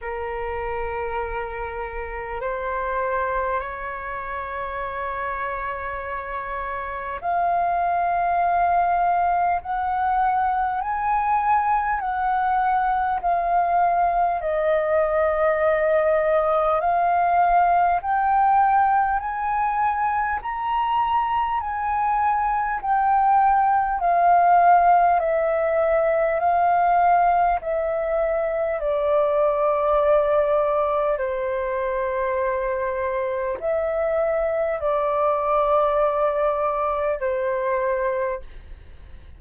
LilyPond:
\new Staff \with { instrumentName = "flute" } { \time 4/4 \tempo 4 = 50 ais'2 c''4 cis''4~ | cis''2 f''2 | fis''4 gis''4 fis''4 f''4 | dis''2 f''4 g''4 |
gis''4 ais''4 gis''4 g''4 | f''4 e''4 f''4 e''4 | d''2 c''2 | e''4 d''2 c''4 | }